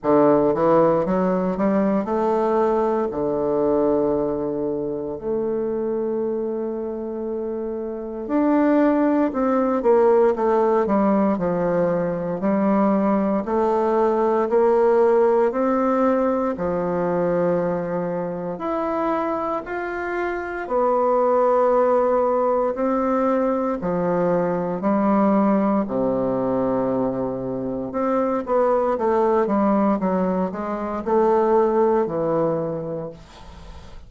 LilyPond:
\new Staff \with { instrumentName = "bassoon" } { \time 4/4 \tempo 4 = 58 d8 e8 fis8 g8 a4 d4~ | d4 a2. | d'4 c'8 ais8 a8 g8 f4 | g4 a4 ais4 c'4 |
f2 e'4 f'4 | b2 c'4 f4 | g4 c2 c'8 b8 | a8 g8 fis8 gis8 a4 e4 | }